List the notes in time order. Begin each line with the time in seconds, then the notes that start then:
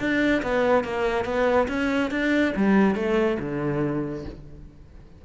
0.00 D4
0.43 B3
0.84 A#3
1.25 B3
1.69 C#4
2.11 D4
2.56 G3
2.96 A3
3.40 D3